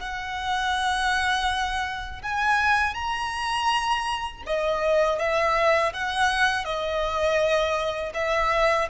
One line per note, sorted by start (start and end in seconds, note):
0.00 2.22 F#5
2.23 2.95 G#5
2.95 4.43 A#5
4.47 5.19 D#5
5.19 5.93 E5
5.94 6.65 F#5
6.65 8.13 D#5
8.14 8.89 E5